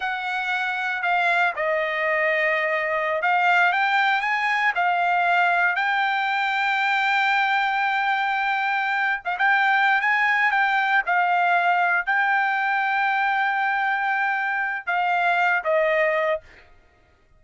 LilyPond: \new Staff \with { instrumentName = "trumpet" } { \time 4/4 \tempo 4 = 117 fis''2 f''4 dis''4~ | dis''2~ dis''16 f''4 g''8.~ | g''16 gis''4 f''2 g''8.~ | g''1~ |
g''2 f''16 g''4~ g''16 gis''8~ | gis''8 g''4 f''2 g''8~ | g''1~ | g''4 f''4. dis''4. | }